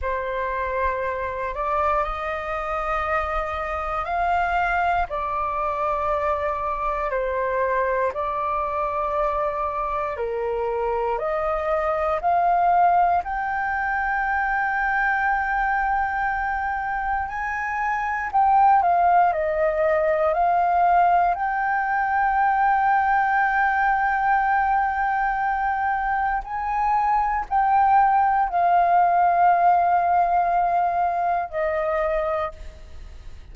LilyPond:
\new Staff \with { instrumentName = "flute" } { \time 4/4 \tempo 4 = 59 c''4. d''8 dis''2 | f''4 d''2 c''4 | d''2 ais'4 dis''4 | f''4 g''2.~ |
g''4 gis''4 g''8 f''8 dis''4 | f''4 g''2.~ | g''2 gis''4 g''4 | f''2. dis''4 | }